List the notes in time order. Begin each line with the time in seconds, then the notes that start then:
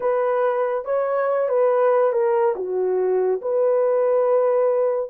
0.00 B4
0.85 C#5
1.48 B4
2.12 A#4
2.55 F#4
3.41 B4